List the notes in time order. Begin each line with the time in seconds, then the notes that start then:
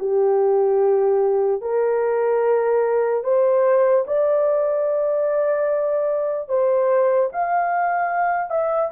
0.00 G4
1.62 A#4
3.24 C5
4.07 D5
6.49 C5
7.33 F5
8.51 E5